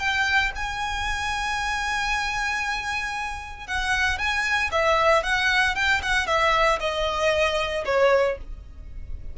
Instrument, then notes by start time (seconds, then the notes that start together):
violin
0.00 G5
0.56 G#5
3.68 F#5
4.19 G#5
4.72 E5
5.24 F#5
5.76 G5
6.03 F#5
6.28 E5
6.81 D#5
7.86 C#5